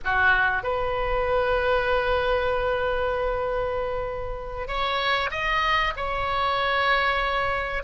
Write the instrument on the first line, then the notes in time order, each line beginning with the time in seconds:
oboe
0.04 F#4
0.63 B4
4.67 C#5
5.30 D#5
5.96 C#5